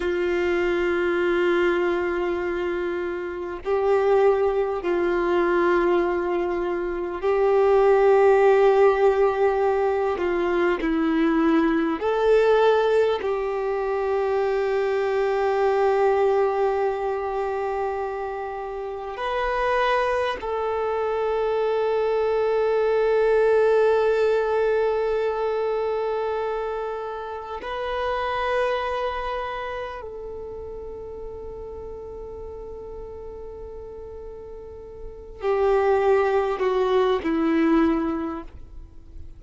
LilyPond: \new Staff \with { instrumentName = "violin" } { \time 4/4 \tempo 4 = 50 f'2. g'4 | f'2 g'2~ | g'8 f'8 e'4 a'4 g'4~ | g'1 |
b'4 a'2.~ | a'2. b'4~ | b'4 a'2.~ | a'4. g'4 fis'8 e'4 | }